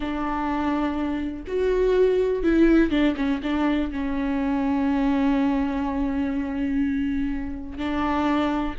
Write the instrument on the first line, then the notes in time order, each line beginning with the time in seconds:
viola
0.00 D4
1.47 F#4
2.43 E4
2.90 D4
3.16 C#4
3.42 D4
3.91 C#4
7.78 D4